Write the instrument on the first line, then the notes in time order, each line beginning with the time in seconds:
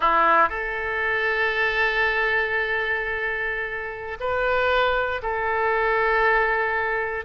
oboe
0.00 E4
0.49 A4
4.19 B4
5.22 A4